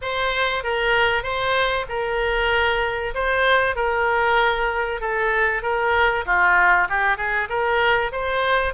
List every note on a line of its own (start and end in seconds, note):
0.01 0.63 C5
0.63 1.23 A#4
1.23 1.85 C5
1.89 3.14 A#4
3.14 3.75 C5
3.75 5.00 A#4
5.01 5.62 A4
5.62 6.24 A#4
6.25 6.88 F4
6.89 7.17 G4
7.17 7.48 G#4
7.49 8.11 A#4
8.12 8.73 C5